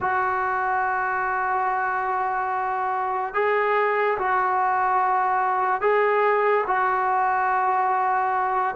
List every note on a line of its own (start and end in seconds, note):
0.00 3.34 F#4
3.34 4.17 G#4
4.18 5.81 F#4
5.81 6.64 G#4
6.66 8.75 F#4